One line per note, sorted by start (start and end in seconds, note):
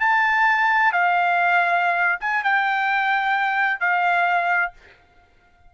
0.00 0.92 A5
0.92 2.19 F5
2.20 2.43 G#5
2.44 3.80 G5
3.80 4.72 F5